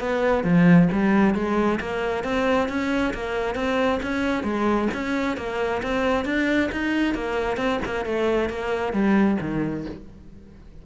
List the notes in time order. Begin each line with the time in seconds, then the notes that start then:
0.00 B3
0.44 F3
0.92 G3
1.35 G#3
1.80 A#3
2.24 C4
2.69 C#4
3.14 A#3
3.55 C4
4.03 C#4
4.43 G#3
4.94 C#4
5.37 A#3
5.83 C4
6.25 D4
6.72 D#4
7.15 A#3
7.57 C4
7.85 A#3
8.06 A3
8.50 A#3
8.93 G3
9.41 D#3